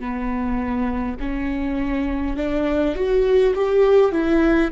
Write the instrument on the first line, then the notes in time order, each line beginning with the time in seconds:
viola
0.00 B3
1.20 C#4
2.37 D4
2.96 F#4
3.55 G4
4.12 E4